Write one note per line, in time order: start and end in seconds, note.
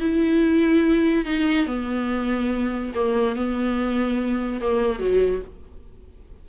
0.00 1.25 E4
1.25 1.66 D#4
1.66 2.92 B3
2.95 3.36 A#3
3.36 4.61 B3
4.61 4.99 A#3
4.99 5.41 F#3